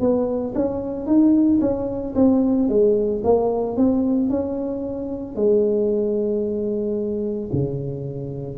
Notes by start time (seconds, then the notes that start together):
0.00 B3
0.55 C#4
1.06 D#4
1.61 C#4
2.15 C4
2.68 G#3
3.24 A#3
3.76 C4
4.29 C#4
5.35 G#3
7.52 C#3